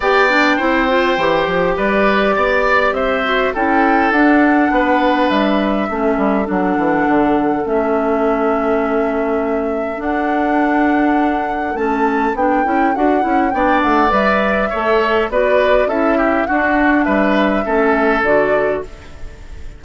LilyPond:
<<
  \new Staff \with { instrumentName = "flute" } { \time 4/4 \tempo 4 = 102 g''2. d''4~ | d''4 e''4 g''4 fis''4~ | fis''4 e''2 fis''4~ | fis''4 e''2.~ |
e''4 fis''2. | a''4 g''4 fis''4 g''8 fis''8 | e''2 d''4 e''4 | fis''4 e''2 d''4 | }
  \new Staff \with { instrumentName = "oboe" } { \time 4/4 d''4 c''2 b'4 | d''4 c''4 a'2 | b'2 a'2~ | a'1~ |
a'1~ | a'2. d''4~ | d''4 cis''4 b'4 a'8 g'8 | fis'4 b'4 a'2 | }
  \new Staff \with { instrumentName = "clarinet" } { \time 4/4 g'8 d'8 e'8 f'8 g'2~ | g'4. fis'8 e'4 d'4~ | d'2 cis'4 d'4~ | d'4 cis'2.~ |
cis'4 d'2. | cis'4 d'8 e'8 fis'8 e'8 d'4 | b'4 a'4 fis'4 e'4 | d'2 cis'4 fis'4 | }
  \new Staff \with { instrumentName = "bassoon" } { \time 4/4 b4 c'4 e8 f8 g4 | b4 c'4 cis'4 d'4 | b4 g4 a8 g8 fis8 e8 | d4 a2.~ |
a4 d'2. | a4 b8 cis'8 d'8 cis'8 b8 a8 | g4 a4 b4 cis'4 | d'4 g4 a4 d4 | }
>>